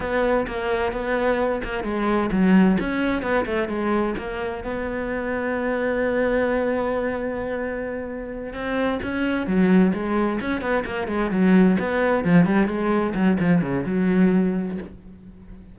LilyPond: \new Staff \with { instrumentName = "cello" } { \time 4/4 \tempo 4 = 130 b4 ais4 b4. ais8 | gis4 fis4 cis'4 b8 a8 | gis4 ais4 b2~ | b1~ |
b2~ b8 c'4 cis'8~ | cis'8 fis4 gis4 cis'8 b8 ais8 | gis8 fis4 b4 f8 g8 gis8~ | gis8 fis8 f8 cis8 fis2 | }